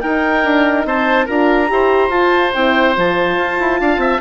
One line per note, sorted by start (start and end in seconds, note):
0.00 1.27 D#4
0.00 0.44 D#4
0.00 0.86 A#4
0.00 0.84 G5
0.44 0.85 D4
0.85 1.27 C4
0.85 1.25 C5
0.85 1.26 A5
1.25 1.70 D4
1.25 1.67 F4
1.25 1.67 A#4
1.25 2.10 A#5
1.67 2.09 E4
1.67 2.09 G4
1.67 3.81 C5
2.09 2.51 F4
2.09 2.52 A5
2.53 2.96 C4
2.53 2.95 E4
2.53 2.95 G5
2.95 3.37 F3
2.95 4.21 F4
2.95 4.21 A5
3.37 3.58 F4
3.59 3.80 E4
3.80 3.97 D4
3.80 4.00 F5
3.97 4.18 C4
3.97 4.21 E5